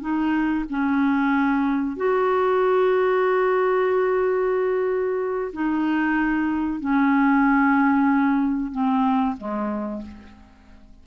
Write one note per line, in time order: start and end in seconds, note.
0.00 0.65 D#4
0.69 1.96 C#4
1.96 5.51 F#4
5.52 6.80 D#4
6.80 8.72 C#4
8.72 9.36 C4
9.37 10.01 G#3